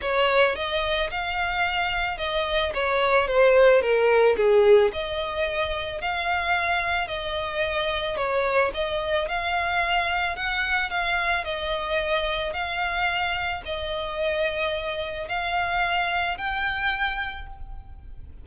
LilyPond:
\new Staff \with { instrumentName = "violin" } { \time 4/4 \tempo 4 = 110 cis''4 dis''4 f''2 | dis''4 cis''4 c''4 ais'4 | gis'4 dis''2 f''4~ | f''4 dis''2 cis''4 |
dis''4 f''2 fis''4 | f''4 dis''2 f''4~ | f''4 dis''2. | f''2 g''2 | }